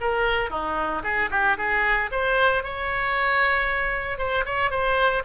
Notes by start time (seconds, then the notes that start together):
0.00 A#4
0.50 D#4
1.03 G#4
1.30 G4
1.57 G#4
2.11 C5
2.63 C#5
4.18 C5
4.45 C#5
4.70 C5